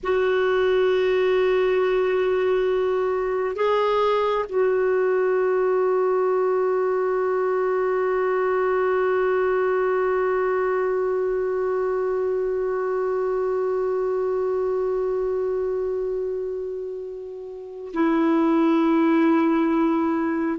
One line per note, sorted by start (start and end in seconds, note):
0.02 3.55 F#4
3.55 4.45 G#4
4.48 17.91 F#4
17.93 20.59 E4